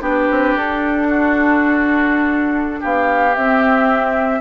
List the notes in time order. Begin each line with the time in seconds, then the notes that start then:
0.00 B3 D4 G4
0.07 B4
0.30 C4
0.54 D4 A4
1.09 F#4
2.80 B3 G4 F5
3.35 C4 E5